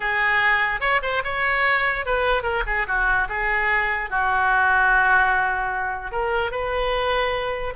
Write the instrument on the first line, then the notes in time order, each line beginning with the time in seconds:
oboe
0.00 G#4
0.80 C#5
1.02 C5
1.24 C#5
2.05 B4
2.42 A#4
2.66 G#4
2.87 F#4
3.28 G#4
4.09 F#4
6.11 A#4
6.51 B4